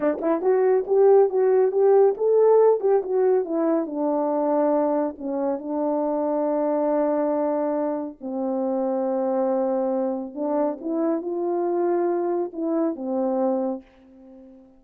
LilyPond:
\new Staff \with { instrumentName = "horn" } { \time 4/4 \tempo 4 = 139 d'8 e'8 fis'4 g'4 fis'4 | g'4 a'4. g'8 fis'4 | e'4 d'2. | cis'4 d'2.~ |
d'2. c'4~ | c'1 | d'4 e'4 f'2~ | f'4 e'4 c'2 | }